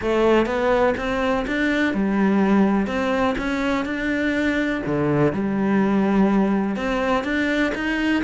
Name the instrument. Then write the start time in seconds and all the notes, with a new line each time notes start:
cello
0.01 A3
0.46 B3
0.97 C4
1.47 D4
1.94 G3
2.86 C4
3.38 C#4
3.85 D4
4.86 D3
5.32 G3
6.75 C4
7.23 D4
7.74 D#4